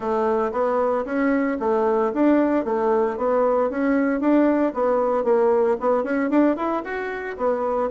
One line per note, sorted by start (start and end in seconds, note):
0.00 0.51 A3
0.52 1.04 B3
1.05 1.57 C#4
1.59 2.12 A3
2.13 2.64 D4
2.64 3.17 A3
3.17 3.70 B3
3.70 4.20 C#4
4.20 4.72 D4
4.74 5.24 B3
5.24 5.76 A#3
5.79 6.03 B3
6.03 6.29 C#4
6.30 6.56 D4
6.56 6.82 E4
6.84 7.37 F#4
7.37 7.89 B3